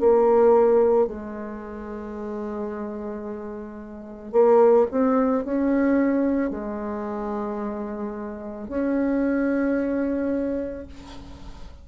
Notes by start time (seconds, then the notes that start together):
0.00 A#3
1.07 G#3
4.32 A#3
4.91 C4
5.45 C#4
6.51 G#3
8.68 C#4